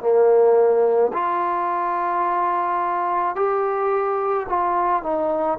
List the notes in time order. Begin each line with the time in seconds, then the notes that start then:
0.00 A#3
1.13 F4
3.35 G4
4.48 F4
5.03 D#4